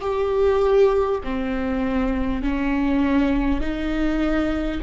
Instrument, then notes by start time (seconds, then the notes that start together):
viola
0.00 G4
1.23 C4
2.42 C#4
3.60 D#4